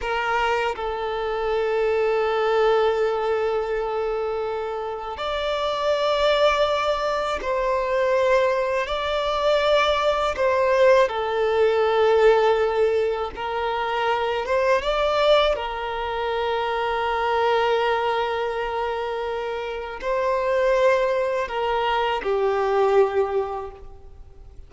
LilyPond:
\new Staff \with { instrumentName = "violin" } { \time 4/4 \tempo 4 = 81 ais'4 a'2.~ | a'2. d''4~ | d''2 c''2 | d''2 c''4 a'4~ |
a'2 ais'4. c''8 | d''4 ais'2.~ | ais'2. c''4~ | c''4 ais'4 g'2 | }